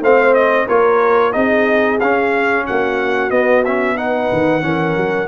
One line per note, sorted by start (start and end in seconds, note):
0.00 0.66 A3
0.00 0.68 C4
0.00 0.66 C5
0.00 0.34 F5
0.34 0.66 D#5
0.66 1.35 A#3
0.66 1.32 F4
0.66 1.32 A#4
0.66 1.32 C#5
1.32 2.00 C4
1.32 1.98 D#4
1.32 2.65 G#4
1.32 1.98 D#5
2.00 2.66 C#4
2.00 3.30 C#4
2.00 2.66 F5
2.66 3.30 A#3
2.66 3.98 F#4
2.66 3.30 F#5
3.30 4.29 B3
3.30 3.63 B3
3.30 3.63 D#5
3.64 3.95 C#4
3.64 3.97 E5
3.95 4.61 D#4
3.95 4.64 B4
3.95 5.27 F#5
4.32 4.63 D#3
4.61 4.96 E3
4.61 5.27 C#4
4.61 5.27 A#4
4.96 5.27 F#3